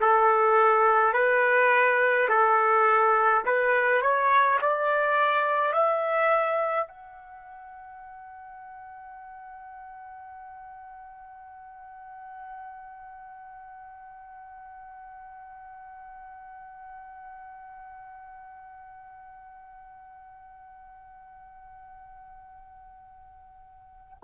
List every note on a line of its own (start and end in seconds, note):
0.00 1.13 A4
1.13 2.28 B4
2.29 3.44 A4
3.45 4.01 B4
4.01 4.59 C#5
4.61 5.73 D5
5.73 6.87 E5
6.87 24.18 F#5